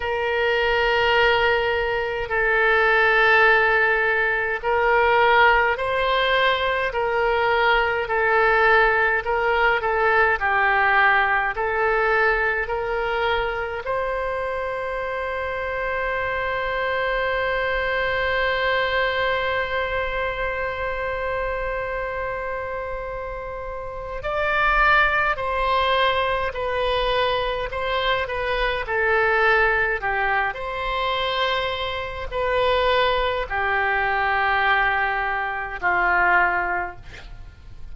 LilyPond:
\new Staff \with { instrumentName = "oboe" } { \time 4/4 \tempo 4 = 52 ais'2 a'2 | ais'4 c''4 ais'4 a'4 | ais'8 a'8 g'4 a'4 ais'4 | c''1~ |
c''1~ | c''4 d''4 c''4 b'4 | c''8 b'8 a'4 g'8 c''4. | b'4 g'2 f'4 | }